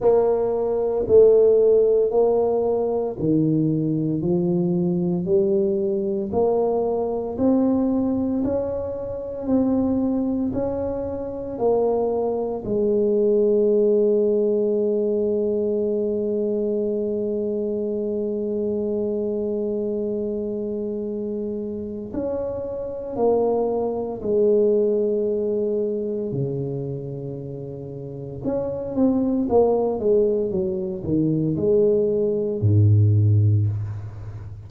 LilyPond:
\new Staff \with { instrumentName = "tuba" } { \time 4/4 \tempo 4 = 57 ais4 a4 ais4 dis4 | f4 g4 ais4 c'4 | cis'4 c'4 cis'4 ais4 | gis1~ |
gis1~ | gis4 cis'4 ais4 gis4~ | gis4 cis2 cis'8 c'8 | ais8 gis8 fis8 dis8 gis4 gis,4 | }